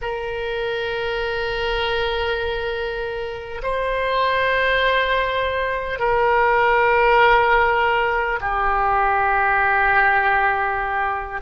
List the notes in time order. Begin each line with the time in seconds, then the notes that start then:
0.01 A#4
3.63 C5
5.99 A#4
8.40 G4